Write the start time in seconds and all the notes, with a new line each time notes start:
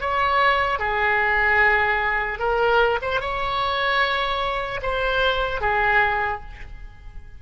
0.00 C#5
0.79 G#4
2.39 A#4
3.01 C5
3.20 C#5
4.82 C5
5.61 G#4